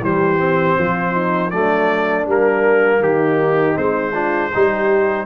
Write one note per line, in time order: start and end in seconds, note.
0.00 0.75 E3
0.00 0.38 G3
0.00 0.78 G4
0.00 1.50 C5
0.38 1.51 C4
0.78 1.53 F3
0.78 1.12 F4
1.12 1.50 D#4
1.50 2.26 F#3
1.50 2.27 A3
1.50 3.01 D4
1.50 2.25 D5
2.26 3.00 G3
2.26 3.74 A#3
2.26 3.02 A#4
3.00 3.75 D#3
3.00 4.12 D#4
3.00 3.77 G4
3.74 4.52 G#3
3.74 4.11 C4
3.74 5.26 C5
4.12 4.51 D4
4.12 4.50 F4
4.53 5.26 G3
4.53 5.26 D#4
4.53 5.26 G4